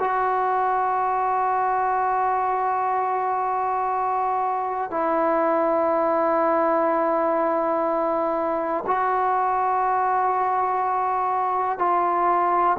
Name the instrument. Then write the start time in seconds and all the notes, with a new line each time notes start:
trombone
0.00 F#4
4.91 E4
8.87 F#4
11.79 F4